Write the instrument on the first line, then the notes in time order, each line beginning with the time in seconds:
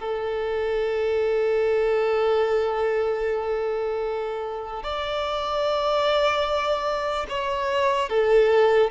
violin
0.00 A4
4.84 D5
7.30 C#5
8.10 A4